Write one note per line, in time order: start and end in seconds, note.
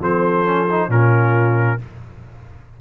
0.00 0.88 F3
0.00 0.45 C4
0.00 0.89 A4
0.00 0.91 C5
0.45 0.67 C#4
0.71 0.89 D#4
0.88 1.78 A#2
0.88 1.79 C#4
0.88 1.79 F4
0.88 1.81 A#4